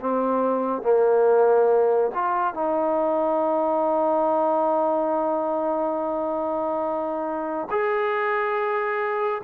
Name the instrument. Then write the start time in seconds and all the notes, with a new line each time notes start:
trombone
0.00 C4
0.83 A#3
2.14 F4
2.54 D#4
7.70 G#4